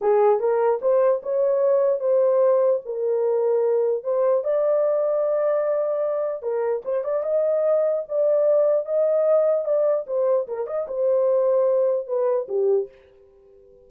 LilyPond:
\new Staff \with { instrumentName = "horn" } { \time 4/4 \tempo 4 = 149 gis'4 ais'4 c''4 cis''4~ | cis''4 c''2 ais'4~ | ais'2 c''4 d''4~ | d''1 |
ais'4 c''8 d''8 dis''2 | d''2 dis''2 | d''4 c''4 ais'8 dis''8 c''4~ | c''2 b'4 g'4 | }